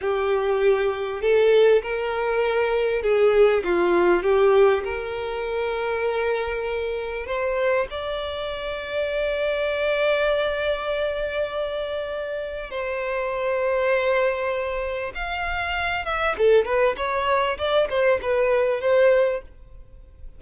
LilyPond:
\new Staff \with { instrumentName = "violin" } { \time 4/4 \tempo 4 = 99 g'2 a'4 ais'4~ | ais'4 gis'4 f'4 g'4 | ais'1 | c''4 d''2.~ |
d''1~ | d''4 c''2.~ | c''4 f''4. e''8 a'8 b'8 | cis''4 d''8 c''8 b'4 c''4 | }